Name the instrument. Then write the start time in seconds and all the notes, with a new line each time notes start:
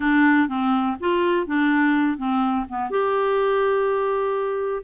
clarinet
0.00 D4
0.48 C4
1.00 F4
1.46 D4
2.17 C4
2.68 B3
2.90 G4